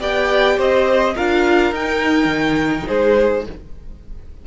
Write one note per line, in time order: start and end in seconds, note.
0.00 0.58 B3
0.00 1.14 G4
0.00 0.57 D5
0.00 0.60 G5
0.57 1.16 C4
0.57 1.14 C5
0.57 1.17 D#5
1.15 1.72 D4
1.15 1.74 F4
1.15 2.86 A#4
1.15 1.74 F5
1.72 2.25 D#4
1.72 3.45 D#4
1.72 2.88 G5
2.25 2.82 D#3
2.88 3.47 G#3
2.88 3.45 G#4
2.88 3.45 C5